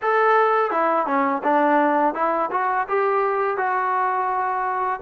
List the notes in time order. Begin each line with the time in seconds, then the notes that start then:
0.02 A4
0.70 E4
1.06 C#4
1.43 D4
2.14 E4
2.51 F#4
2.88 G4
3.57 F#4